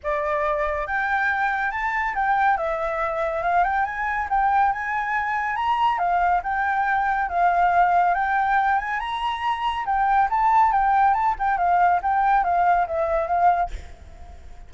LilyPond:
\new Staff \with { instrumentName = "flute" } { \time 4/4 \tempo 4 = 140 d''2 g''2 | a''4 g''4 e''2 | f''8 g''8 gis''4 g''4 gis''4~ | gis''4 ais''4 f''4 g''4~ |
g''4 f''2 g''4~ | g''8 gis''8 ais''2 g''4 | a''4 g''4 a''8 g''8 f''4 | g''4 f''4 e''4 f''4 | }